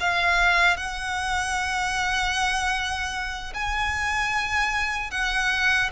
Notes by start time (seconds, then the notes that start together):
0.00 F5
0.77 F#5
3.54 G#5
5.11 F#5